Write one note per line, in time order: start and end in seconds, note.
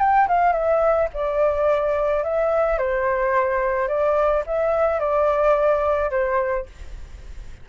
0.00 0.28 G5
0.28 0.53 F5
0.53 1.08 E5
1.14 2.24 D5
2.24 2.78 E5
2.78 3.88 C5
3.88 4.44 D5
4.47 5.00 E5
5.00 6.11 D5
6.11 6.66 C5